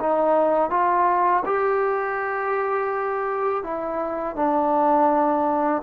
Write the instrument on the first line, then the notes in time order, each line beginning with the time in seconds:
trombone
0.00 D#4
0.70 F4
1.45 G4
3.64 E4
4.36 D4